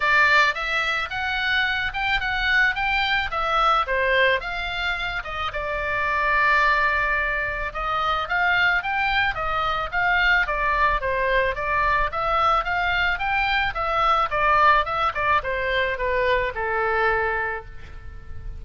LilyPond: \new Staff \with { instrumentName = "oboe" } { \time 4/4 \tempo 4 = 109 d''4 e''4 fis''4. g''8 | fis''4 g''4 e''4 c''4 | f''4. dis''8 d''2~ | d''2 dis''4 f''4 |
g''4 dis''4 f''4 d''4 | c''4 d''4 e''4 f''4 | g''4 e''4 d''4 e''8 d''8 | c''4 b'4 a'2 | }